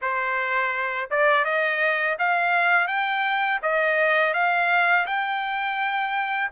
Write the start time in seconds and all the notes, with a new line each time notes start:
0.01 C5
1.10 D5
1.45 D#5
2.19 F5
2.87 G5
3.62 D#5
4.33 F5
5.06 G5